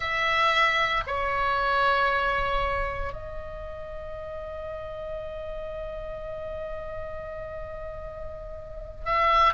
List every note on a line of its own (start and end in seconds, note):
0.00 1.03 E5
1.06 3.13 C#5
3.13 9.05 D#5
9.05 9.53 E5